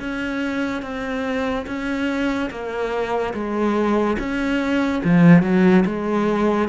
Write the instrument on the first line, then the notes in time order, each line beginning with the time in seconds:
cello
0.00 C#4
0.83 C4
1.67 C#4
2.51 A#3
3.34 G#3
4.19 C#4
5.05 F3
5.43 F#3
5.86 G#3